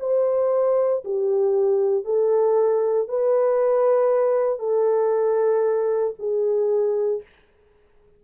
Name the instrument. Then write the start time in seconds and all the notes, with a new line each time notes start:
horn
0.00 C5
1.05 G4
2.05 A4
3.08 B4
4.59 A4
6.19 G#4